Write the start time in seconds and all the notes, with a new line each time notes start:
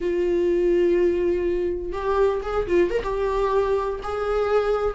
0.00 F4
1.92 G4
2.42 G#4
2.67 F4
2.90 A#4
3.03 G4
4.03 G#4